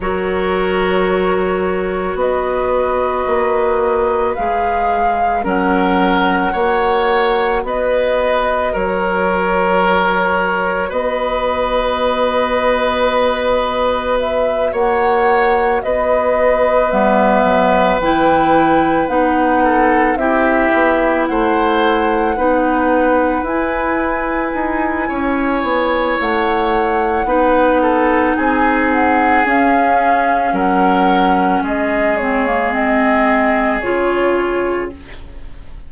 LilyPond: <<
  \new Staff \with { instrumentName = "flute" } { \time 4/4 \tempo 4 = 55 cis''2 dis''2 | f''4 fis''2 dis''4 | cis''2 dis''2~ | dis''4 e''8 fis''4 dis''4 e''8~ |
e''8 g''4 fis''4 e''4 fis''8~ | fis''4. gis''2~ gis''8 | fis''2 gis''8 fis''8 f''4 | fis''4 dis''8 cis''8 dis''4 cis''4 | }
  \new Staff \with { instrumentName = "oboe" } { \time 4/4 ais'2 b'2~ | b'4 ais'4 cis''4 b'4 | ais'2 b'2~ | b'4. cis''4 b'4.~ |
b'2 a'8 g'4 c''8~ | c''8 b'2~ b'8 cis''4~ | cis''4 b'8 a'8 gis'2 | ais'4 gis'2. | }
  \new Staff \with { instrumentName = "clarinet" } { \time 4/4 fis'1 | gis'4 cis'4 fis'2~ | fis'1~ | fis'2.~ fis'8 b8~ |
b8 e'4 dis'4 e'4.~ | e'8 dis'4 e'2~ e'8~ | e'4 dis'2 cis'4~ | cis'4. c'16 ais16 c'4 f'4 | }
  \new Staff \with { instrumentName = "bassoon" } { \time 4/4 fis2 b4 ais4 | gis4 fis4 ais4 b4 | fis2 b2~ | b4. ais4 b4 g8 |
fis8 e4 b4 c'8 b8 a8~ | a8 b4 e'4 dis'8 cis'8 b8 | a4 b4 c'4 cis'4 | fis4 gis2 cis4 | }
>>